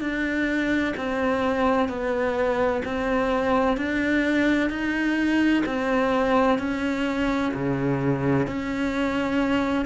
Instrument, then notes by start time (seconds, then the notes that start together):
cello
0.00 D4
0.96 C4
1.88 B3
2.85 C4
3.77 D4
4.69 D#4
5.65 C4
6.58 C#4
7.53 C#3
8.46 C#4